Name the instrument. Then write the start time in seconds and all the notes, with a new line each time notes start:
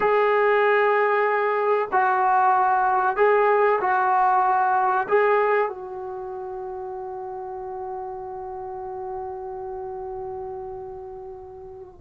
trombone
0.00 G#4
1.91 F#4
3.16 G#4
3.80 F#4
5.08 G#4
5.68 F#4